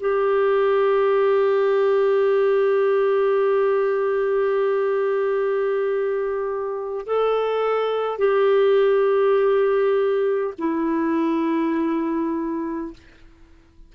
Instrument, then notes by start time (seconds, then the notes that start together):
clarinet
0.00 G4
7.06 A4
8.18 G4
10.58 E4